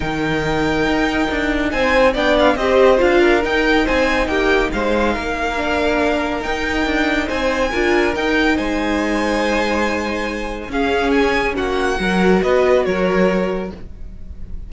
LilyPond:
<<
  \new Staff \with { instrumentName = "violin" } { \time 4/4 \tempo 4 = 140 g''1 | gis''4 g''8 f''8 dis''4 f''4 | g''4 gis''4 g''4 f''4~ | f''2. g''4~ |
g''4 gis''2 g''4 | gis''1~ | gis''4 f''4 gis''4 fis''4~ | fis''4 dis''4 cis''2 | }
  \new Staff \with { instrumentName = "violin" } { \time 4/4 ais'1 | c''4 d''4 c''4. ais'8~ | ais'4 c''4 g'4 c''4 | ais'1~ |
ais'4 c''4 ais'2 | c''1~ | c''4 gis'2 fis'4 | ais'4 b'4 ais'2 | }
  \new Staff \with { instrumentName = "viola" } { \time 4/4 dis'1~ | dis'4 d'4 g'4 f'4 | dis'1~ | dis'4 d'2 dis'4~ |
dis'2 f'4 dis'4~ | dis'1~ | dis'4 cis'2. | fis'1 | }
  \new Staff \with { instrumentName = "cello" } { \time 4/4 dis2 dis'4 d'4 | c'4 b4 c'4 d'4 | dis'4 c'4 ais4 gis4 | ais2. dis'4 |
d'4 c'4 d'4 dis'4 | gis1~ | gis4 cis'2 ais4 | fis4 b4 fis2 | }
>>